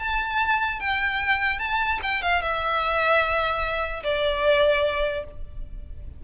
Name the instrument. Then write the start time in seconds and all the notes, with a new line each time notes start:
violin
0.00 A5
0.80 G5
1.60 A5
2.03 G5
2.23 F5
2.42 E5
4.04 D5